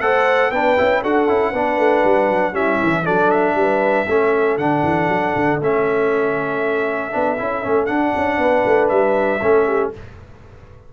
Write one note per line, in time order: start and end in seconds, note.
0.00 0.51 A3
0.00 0.52 A4
0.00 0.51 C5
0.00 0.51 F#5
0.51 0.77 B3
0.51 0.77 D4
0.51 1.01 B4
0.51 1.02 G5
0.77 1.04 C#4
0.77 1.03 E4
1.01 1.28 D4
1.01 1.28 F#4
1.01 1.51 A4
1.01 2.55 F#5
1.28 1.53 C#4
1.28 1.53 E4
1.51 1.78 B3
1.51 2.53 D4
1.51 2.53 B4
1.78 2.03 A3
2.04 2.29 G3
2.29 2.53 F#3
2.53 2.78 G3
2.53 3.04 C#4
2.53 3.04 E4
2.53 3.06 E5
2.83 3.08 E3
3.04 3.55 F#3
3.04 4.06 D4
3.04 3.55 A4
3.04 3.30 D5
3.30 4.58 E5
3.55 4.05 G3
3.55 4.09 B4
4.08 4.57 A3
4.08 4.60 C#4
4.08 8.40 A4
4.57 4.83 D3
4.57 5.62 D4
4.57 5.60 F#5
4.83 5.08 E3
5.08 5.34 F#3
5.36 5.60 D3
5.60 7.13 A3
5.60 7.11 C#4
5.60 7.86 E5
7.11 7.40 B3
7.11 7.37 D4
7.38 7.65 C#4
7.38 7.63 E4
7.63 7.89 A3
7.63 7.87 C#4
7.86 9.40 D4
7.86 8.14 D4
7.86 8.87 F#5
8.16 8.38 C#4
8.38 8.63 B3
8.38 9.42 B4
8.65 8.91 A3
8.89 9.42 G3
8.89 9.90 E5
9.42 9.93 A3
9.42 9.93 C#4
9.42 9.67 A4
9.67 9.92 G4